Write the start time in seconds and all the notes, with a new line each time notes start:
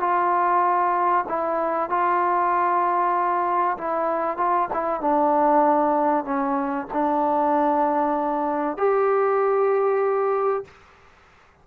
0.00 F4
1.29 E4
1.90 F4
3.78 E4
4.37 F4
4.73 E4
5.01 D4
6.24 C#4
6.93 D4
8.77 G4